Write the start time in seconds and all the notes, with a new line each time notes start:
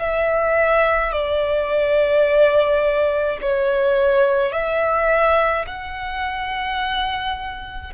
0.00 E5
1.13 D5
3.42 C#5
4.53 E5
5.67 F#5